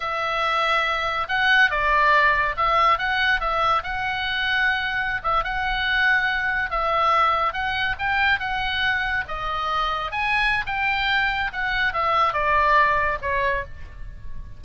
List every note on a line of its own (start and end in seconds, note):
0.00 1.27 E5
1.28 1.70 F#5
1.70 2.55 D5
2.56 2.98 E5
2.98 3.40 F#5
3.40 3.83 E5
3.83 5.21 F#5
5.23 5.44 E5
5.44 6.70 F#5
6.70 7.53 E5
7.53 7.95 F#5
7.98 8.39 G5
8.39 9.24 F#5
9.28 10.11 D#5
10.11 10.64 G#5
10.66 11.51 G5
11.52 11.93 F#5
11.93 12.33 E5
12.33 13.18 D5
13.21 13.64 C#5